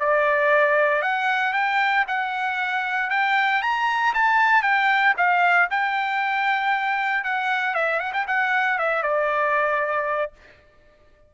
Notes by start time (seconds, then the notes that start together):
0.00 D5
1.03 F#5
1.54 G5
2.08 F#5
3.11 G5
3.63 A#5
4.14 A5
4.63 G5
5.18 F5
5.71 G5
7.24 F#5
7.75 E5
8.00 F#5
8.13 G5
8.28 F#5
8.79 E5
9.03 D5